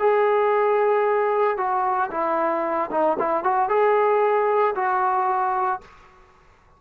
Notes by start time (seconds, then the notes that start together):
0.00 G#4
1.58 F#4
2.12 E4
2.92 D#4
3.20 E4
3.44 F#4
3.70 G#4
4.76 F#4